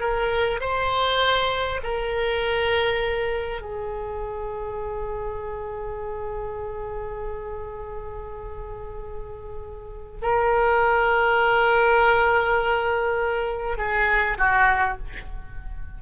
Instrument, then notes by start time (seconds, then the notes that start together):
oboe
0.00 A#4
0.61 C5
1.83 A#4
3.62 G#4
10.22 A#4
13.78 G#4
14.38 F#4